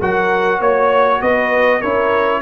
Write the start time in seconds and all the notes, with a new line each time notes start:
0.00 F#3 F#4 A#4 F#5
0.60 A#3 C#5
1.21 B3 B4 D#5
1.80 C#4 E4 A#4 C#5